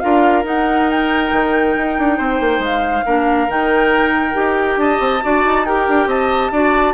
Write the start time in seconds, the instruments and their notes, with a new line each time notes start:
0.00 bassoon D4, clarinet F4, oboe A#4, flute F5
0.44 clarinet D#4, bassoon D#4, flute F#5
0.91 flute G5
1.32 bassoon D#3
1.77 bassoon D#4
1.99 bassoon D4
2.18 bassoon C4, oboe C5
2.40 bassoon A#3
2.59 bassoon G#3
2.65 flute F5
3.06 bassoon A#3, clarinet D4, oboe A#4
3.48 bassoon D#3, clarinet D#4, flute G5
4.33 bassoon D#4, clarinet G4
4.77 bassoon D4, oboe D#5, flute A5
4.99 bassoon C4
5.22 bassoon D4, clarinet F#4, oboe D5
5.45 bassoon D#4
5.65 clarinet G4, oboe A#4, flute G5
5.88 bassoon D4
6.06 bassoon C4, oboe D#5, flute A5
6.51 bassoon D4, clarinet F#4, oboe D5